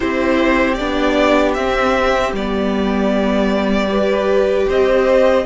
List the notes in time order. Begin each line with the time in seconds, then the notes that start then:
0.00 C4 E4 G4 C5
0.74 D4 D5
0.80 B3
1.54 C4 E5
2.32 G3 B3 D5
3.88 G4 B4
4.67 C4 C5 D#5